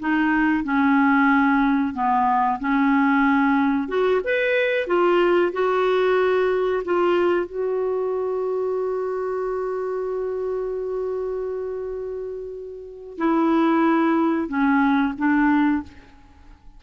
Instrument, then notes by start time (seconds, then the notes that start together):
clarinet
0.00 D#4
0.64 C#4
1.94 B3
2.60 C#4
3.89 F#4
4.25 B4
4.87 F4
5.53 F#4
6.85 F4
7.47 F#4
13.18 E4
14.48 C#4
15.18 D4